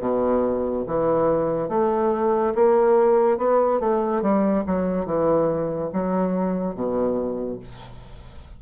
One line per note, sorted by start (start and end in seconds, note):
0.00 0.85 B2
0.87 1.69 E3
1.69 2.54 A3
2.55 3.38 A#3
3.38 3.80 B3
3.80 4.22 A3
4.22 4.64 G3
4.66 5.06 F#3
5.06 5.90 E3
5.93 6.75 F#3
6.75 7.59 B2